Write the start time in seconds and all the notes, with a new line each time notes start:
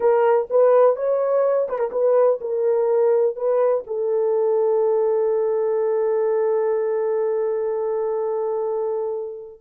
0.00 A#4
0.50 B4
0.96 C#5
1.68 B4
1.78 A#4
1.91 B4
2.40 A#4
3.36 B4
3.86 A4